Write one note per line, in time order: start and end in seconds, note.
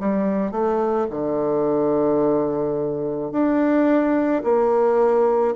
0.00 0.52 G3
0.52 1.07 A3
1.11 3.32 D3
3.32 4.43 D4
4.44 5.55 A#3